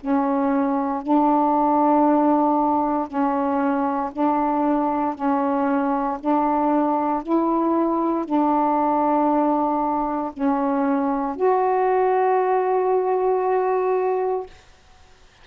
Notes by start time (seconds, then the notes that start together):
0.00 C#4
1.02 D4
3.07 C#4
4.12 D4
5.14 C#4
6.20 D4
7.22 E4
8.25 D4
10.33 C#4
11.36 F#4